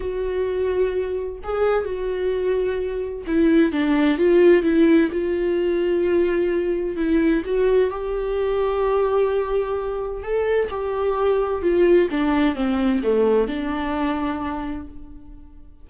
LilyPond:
\new Staff \with { instrumentName = "viola" } { \time 4/4 \tempo 4 = 129 fis'2. gis'4 | fis'2. e'4 | d'4 f'4 e'4 f'4~ | f'2. e'4 |
fis'4 g'2.~ | g'2 a'4 g'4~ | g'4 f'4 d'4 c'4 | a4 d'2. | }